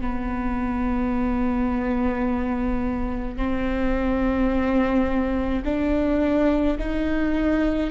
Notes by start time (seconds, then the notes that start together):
0.00 B3
3.37 C4
5.64 D4
6.79 D#4